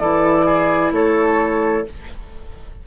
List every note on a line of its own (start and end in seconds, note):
0.00 0.92 E3
0.00 1.86 E4
0.00 0.46 A4
0.00 0.92 D5
0.46 0.92 G#4
0.92 1.84 A3
0.92 1.87 A4
0.92 1.87 C#5